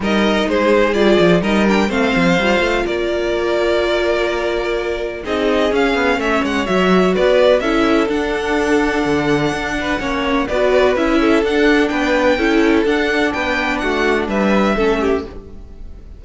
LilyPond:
<<
  \new Staff \with { instrumentName = "violin" } { \time 4/4 \tempo 4 = 126 dis''4 c''4 d''4 dis''8 g''8 | f''2 d''2~ | d''2. dis''4 | f''4 e''8 fis''8 e''4 d''4 |
e''4 fis''2.~ | fis''2 d''4 e''4 | fis''4 g''2 fis''4 | g''4 fis''4 e''2 | }
  \new Staff \with { instrumentName = "violin" } { \time 4/4 ais'4 gis'2 ais'4 | c''2 ais'2~ | ais'2. gis'4~ | gis'4 cis''2 b'4 |
a'1~ | a'8 b'8 cis''4 b'4. a'8~ | a'4 b'4 a'2 | b'4 fis'4 b'4 a'8 g'8 | }
  \new Staff \with { instrumentName = "viola" } { \time 4/4 dis'2 f'4 dis'8 d'8 | c'4 f'2.~ | f'2. dis'4 | cis'2 fis'2 |
e'4 d'2.~ | d'4 cis'4 fis'4 e'4 | d'2 e'4 d'4~ | d'2. cis'4 | }
  \new Staff \with { instrumentName = "cello" } { \time 4/4 g4 gis4 g8 f8 g4 | a8 f8 g8 a8 ais2~ | ais2. c'4 | cis'8 b8 a8 gis8 fis4 b4 |
cis'4 d'2 d4 | d'4 ais4 b4 cis'4 | d'4 b4 cis'4 d'4 | b4 a4 g4 a4 | }
>>